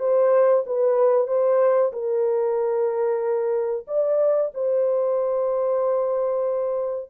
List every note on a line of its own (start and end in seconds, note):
0.00 0.65 C5
0.66 1.28 B4
1.28 1.92 C5
1.93 3.86 A#4
3.87 4.52 D5
4.54 7.10 C5